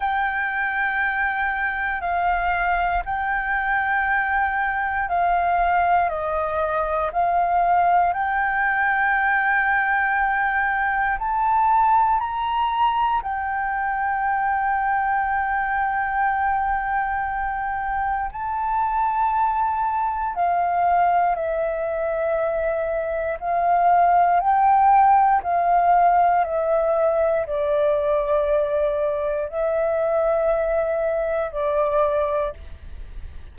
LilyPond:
\new Staff \with { instrumentName = "flute" } { \time 4/4 \tempo 4 = 59 g''2 f''4 g''4~ | g''4 f''4 dis''4 f''4 | g''2. a''4 | ais''4 g''2.~ |
g''2 a''2 | f''4 e''2 f''4 | g''4 f''4 e''4 d''4~ | d''4 e''2 d''4 | }